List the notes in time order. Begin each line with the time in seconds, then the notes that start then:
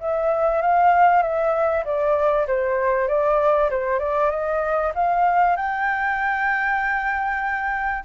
0.00 E5
0.62 F5
1.22 E5
1.85 D5
2.47 C5
3.08 D5
3.70 C5
4.00 D5
4.30 D#5
4.95 F5
5.57 G5